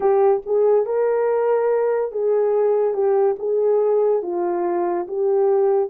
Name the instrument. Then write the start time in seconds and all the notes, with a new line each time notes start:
horn
0.00 G4
0.45 G#4
0.85 A#4
2.11 G#4
2.93 G4
3.38 G#4
4.22 F4
5.07 G4